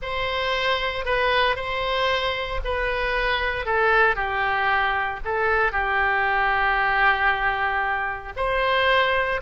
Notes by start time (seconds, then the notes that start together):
0.02 C5
1.05 B4
1.56 C5
2.64 B4
3.65 A4
4.15 G4
5.24 A4
5.71 G4
8.36 C5